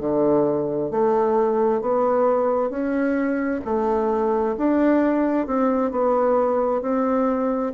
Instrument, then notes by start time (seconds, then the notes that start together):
bassoon
0.00 D3
0.91 A3
1.81 B3
2.70 C#4
3.65 A3
4.58 D4
5.47 C4
5.92 B3
6.82 C4